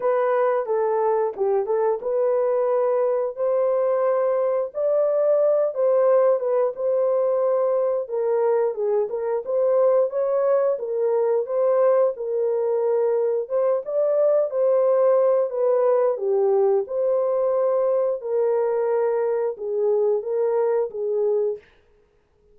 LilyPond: \new Staff \with { instrumentName = "horn" } { \time 4/4 \tempo 4 = 89 b'4 a'4 g'8 a'8 b'4~ | b'4 c''2 d''4~ | d''8 c''4 b'8 c''2 | ais'4 gis'8 ais'8 c''4 cis''4 |
ais'4 c''4 ais'2 | c''8 d''4 c''4. b'4 | g'4 c''2 ais'4~ | ais'4 gis'4 ais'4 gis'4 | }